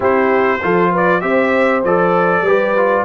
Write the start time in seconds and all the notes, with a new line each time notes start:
0.00 C4 E4 G4 C5
0.62 F3 F4 A4
0.91 B4 D5
1.20 C4 G4 C5 E5
1.83 F3 A4 D5
2.41 G3 G4 B4
2.76 F4